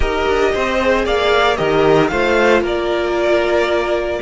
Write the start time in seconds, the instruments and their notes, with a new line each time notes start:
0.00 cello D#4, viola G4, violin A#4 D#5
0.28 cello D4
0.54 cello C4, violin C5
0.81 viola G#4
1.05 cello A#3, violin D5 F5
1.56 cello D#3, viola G4, violin A#4 D#5
2.08 cello A3, viola F4, violin C5 F5
2.61 cello A#3, violin A#4 D5